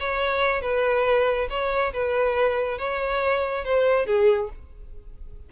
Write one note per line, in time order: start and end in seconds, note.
0.00 0.62 C#5
0.62 1.48 B4
1.50 1.93 C#5
1.93 2.79 B4
2.79 3.65 C#5
3.65 4.07 C5
4.07 4.50 G#4